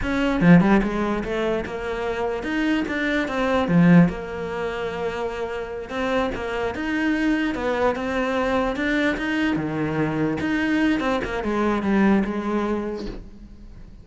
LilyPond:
\new Staff \with { instrumentName = "cello" } { \time 4/4 \tempo 4 = 147 cis'4 f8 g8 gis4 a4 | ais2 dis'4 d'4 | c'4 f4 ais2~ | ais2~ ais8 c'4 ais8~ |
ais8 dis'2 b4 c'8~ | c'4. d'4 dis'4 dis8~ | dis4. dis'4. c'8 ais8 | gis4 g4 gis2 | }